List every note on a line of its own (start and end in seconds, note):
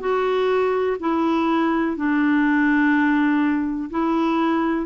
0.00 0.97 F#4
0.99 1.96 E4
1.96 3.90 D4
3.90 4.86 E4